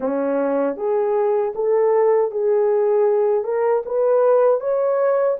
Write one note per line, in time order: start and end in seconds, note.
0.00 0.76 C#4
0.76 1.53 G#4
1.55 2.31 A4
2.31 3.44 G#4
3.44 3.82 A#4
3.85 4.60 B4
4.60 5.37 C#5